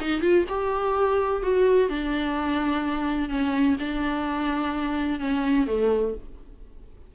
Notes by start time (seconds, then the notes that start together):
0.00 D#4
0.21 F4
0.49 G4
1.43 F#4
1.89 D4
3.29 C#4
3.79 D4
5.19 C#4
5.67 A3